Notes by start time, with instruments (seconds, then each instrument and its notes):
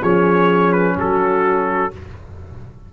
0.00 tuba F3, trombone C#4, horn G#4, trumpet C#5
0.72 trumpet B4
0.97 tuba F#3, horn F#4, trumpet A4